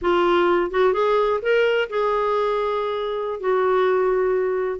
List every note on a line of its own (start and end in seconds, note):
0.01 0.70 F4
0.70 0.93 F#4
0.93 1.40 G#4
1.41 1.88 A#4
1.89 3.40 G#4
3.40 4.79 F#4